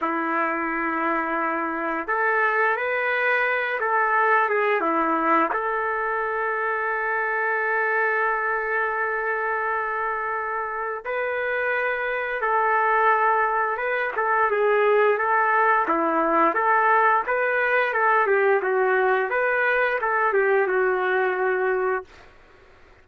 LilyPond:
\new Staff \with { instrumentName = "trumpet" } { \time 4/4 \tempo 4 = 87 e'2. a'4 | b'4. a'4 gis'8 e'4 | a'1~ | a'1 |
b'2 a'2 | b'8 a'8 gis'4 a'4 e'4 | a'4 b'4 a'8 g'8 fis'4 | b'4 a'8 g'8 fis'2 | }